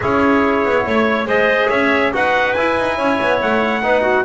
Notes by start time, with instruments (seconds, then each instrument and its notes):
0.00 double bass C#4, trombone E4, clarinet G#4, trumpet C#5
0.64 double bass B3
0.85 double bass A3, clarinet C#5
1.25 double bass G#3, trombone G#4, clarinet C5, trumpet D#5
1.69 double bass C#4, clarinet C#5, trumpet E5
2.12 double bass D#4, trombone F#4, clarinet B4, trumpet F#5
2.52 trombone E4, double bass E4, trumpet G#5
2.78 double bass D#4
2.97 double bass C#4, clarinet C#5
3.21 double bass B3
3.41 double bass A3, trumpet F#5
3.82 double bass B3, trombone D#4, clarinet B4
4.01 clarinet F#4